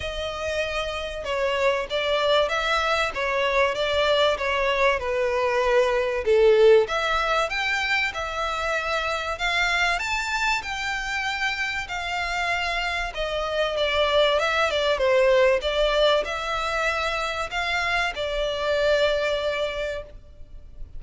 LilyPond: \new Staff \with { instrumentName = "violin" } { \time 4/4 \tempo 4 = 96 dis''2 cis''4 d''4 | e''4 cis''4 d''4 cis''4 | b'2 a'4 e''4 | g''4 e''2 f''4 |
a''4 g''2 f''4~ | f''4 dis''4 d''4 e''8 d''8 | c''4 d''4 e''2 | f''4 d''2. | }